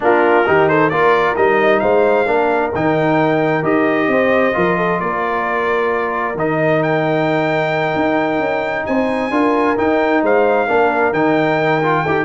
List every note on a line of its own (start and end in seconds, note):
0.00 0.47 A#3
0.00 0.44 D4
0.00 0.47 F4
0.00 0.68 A#4
0.46 0.90 D#3
0.46 0.91 D#4
0.46 0.69 G4
0.68 0.90 A4
0.68 0.89 C5
0.89 1.35 A#3
0.89 1.35 F4
0.89 1.81 A#4
0.89 1.35 D5
1.35 1.82 G3
1.35 2.26 D#4
1.35 1.79 D#5
1.79 2.26 G#3
1.79 2.26 C5
1.79 2.70 F5
2.26 2.71 A#3
2.26 2.71 D4
2.26 4.08 A#4
2.74 3.62 D#3
2.74 3.63 D#4
2.74 3.64 G5
3.62 4.07 D#4
3.62 4.53 G4
3.62 5.00 D#5
4.07 4.53 C4
4.07 4.56 C5
4.53 5.00 F3
4.53 6.35 F4
4.53 4.77 A#4
4.77 4.99 A4
5.00 6.34 A#3
5.00 8.87 A#4
5.00 6.36 D5
6.34 7.94 D#3
6.34 9.31 D#4
6.34 6.83 D#5
6.83 8.86 G5
7.95 8.39 D#4
8.39 8.84 C#4
8.86 9.30 C4
8.86 9.32 C5
8.86 9.77 G#5
9.30 9.75 D4
9.30 9.76 F4
9.30 10.22 A#4
9.77 10.68 D#4
9.77 10.22 D#4
9.77 10.23 G5
10.22 10.67 G#3
10.22 10.67 C5
10.22 11.13 F5
10.67 11.12 A#3
10.67 11.13 D4
10.67 12.03 A#4
11.12 12.03 D#3
11.12 11.82 D#4
11.12 12.25 G5
11.82 12.05 F4
12.03 12.25 D#4
12.03 12.25 G4
12.03 12.25 A4